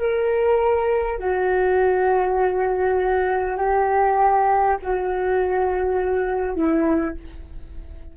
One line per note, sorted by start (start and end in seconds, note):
0.00 1.19 A#4
1.19 3.58 F#4
3.58 4.78 G4
4.82 6.56 F#4
6.56 7.16 E4